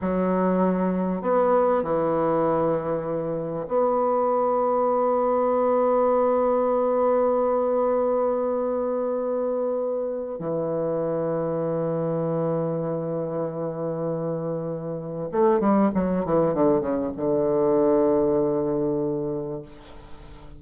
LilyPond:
\new Staff \with { instrumentName = "bassoon" } { \time 4/4 \tempo 4 = 98 fis2 b4 e4~ | e2 b2~ | b1~ | b1~ |
b4 e2.~ | e1~ | e4 a8 g8 fis8 e8 d8 cis8 | d1 | }